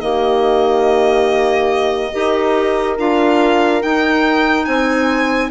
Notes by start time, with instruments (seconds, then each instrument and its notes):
0.00 bassoon D#3, clarinet A#3, horn G4, violin D#5
2.12 bassoon D#4, clarinet G4, horn A#4
2.98 bassoon D4, clarinet F4, violin F5
3.82 clarinet D#4, bassoon D#4, violin G5
4.65 bassoon C4, horn C5, violin G#5